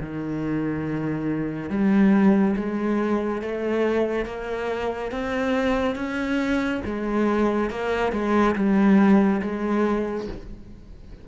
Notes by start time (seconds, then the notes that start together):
0.00 D#3
1.69 G3
2.56 G#3
3.42 A3
4.25 A#3
5.11 C4
5.95 C#4
6.85 G#3
7.70 A#3
8.12 G#3
8.55 G3
9.41 G#3